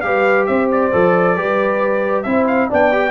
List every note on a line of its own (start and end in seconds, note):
0.00 0.48 G3
0.00 0.91 G4
0.00 0.48 B4
0.00 0.44 F5
0.46 0.92 C4
0.46 1.36 C5
0.46 0.68 E5
0.72 2.22 D5
0.92 1.36 F3
0.92 1.36 A4
1.36 2.25 G3
1.36 2.25 G4
1.36 2.25 B4
2.22 2.69 C4
2.22 2.70 E4
2.22 2.68 C5
2.22 2.44 E5
2.47 2.69 F5
2.68 3.10 B3
2.68 2.92 D4
2.68 3.10 D5
2.68 3.10 G5
2.92 3.10 G4